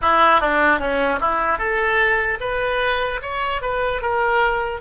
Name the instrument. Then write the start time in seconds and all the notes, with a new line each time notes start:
oboe
0.01 E4
0.40 D4
0.79 C#4
1.20 E4
1.58 A4
2.40 B4
3.22 C#5
3.61 B4
4.01 A#4